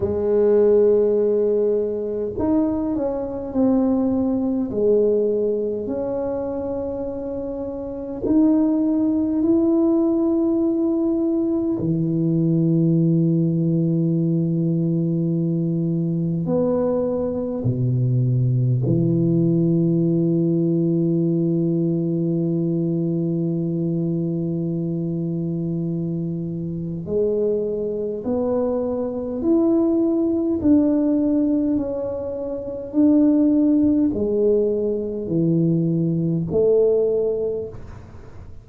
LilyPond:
\new Staff \with { instrumentName = "tuba" } { \time 4/4 \tempo 4 = 51 gis2 dis'8 cis'8 c'4 | gis4 cis'2 dis'4 | e'2 e2~ | e2 b4 b,4 |
e1~ | e2. gis4 | b4 e'4 d'4 cis'4 | d'4 gis4 e4 a4 | }